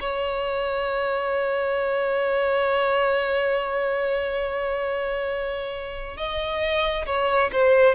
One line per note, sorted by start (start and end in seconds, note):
0.00 6.17 C#5
6.17 7.05 D#5
7.06 7.50 C#5
7.52 7.95 C5